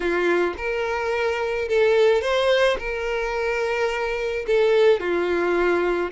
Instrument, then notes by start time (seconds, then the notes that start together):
violin
0.00 F4
0.57 A#4
1.68 A4
2.21 C5
2.79 A#4
4.46 A4
4.99 F4